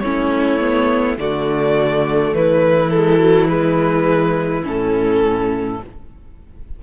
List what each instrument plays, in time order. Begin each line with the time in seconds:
0.00 cello A3, viola C#4, violin E4 C#5
0.59 viola B3
1.17 cello D3, viola A3, violin F#4 D5
2.33 cello E3, violin E4 B4
2.90 viola G#3, violin A4
3.18 viola F#3
3.48 viola G#3, violin B4
4.64 cello A2, viola C#4, violin A4